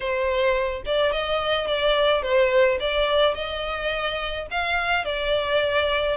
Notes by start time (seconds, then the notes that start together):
0.00 C5
0.85 D5
1.12 D#5
1.67 D5
2.22 C5
2.80 D5
3.34 D#5
4.50 F5
5.04 D5